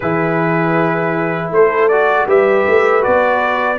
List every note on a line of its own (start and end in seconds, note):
0.00 1.50 E3
0.00 1.91 E4
0.00 1.52 G#4
0.00 1.51 B4
1.50 2.26 A3
1.50 2.26 A4
1.50 1.88 C5
1.88 2.28 F#4
1.88 2.26 D5
2.26 2.64 G3
2.26 3.01 G4
2.26 3.78 B4
2.26 3.03 E5
2.67 3.05 A3
3.01 3.78 B3
3.01 3.77 F#4
3.01 3.78 D5